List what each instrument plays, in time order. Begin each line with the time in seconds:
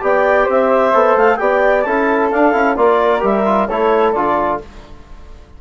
0.00 bassoon B3, trombone G4, flute D5, clarinet G5
0.44 bassoon C4, flute C5, clarinet E5
0.93 bassoon B3, trombone A4
1.16 bassoon A3, clarinet F5
1.36 bassoon B3, trombone G4, flute D5, clarinet G5
1.81 bassoon C#4, trombone E4, flute A4, clarinet A5
2.31 trombone D4, bassoon D4, clarinet F5
2.52 bassoon C#4, trombone E4
2.75 bassoon A#3, trombone F4, flute A#4, clarinet D5
3.19 bassoon G3, trombone G4, clarinet E5
3.45 trombone F4
3.67 bassoon A3, trombone E4, flute A4, clarinet C#5
4.12 bassoon D3, trombone F4, clarinet D5